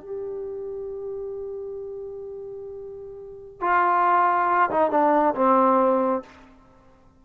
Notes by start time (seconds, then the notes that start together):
0.00 G4
3.61 F4
4.71 D#4
4.91 D4
5.35 C4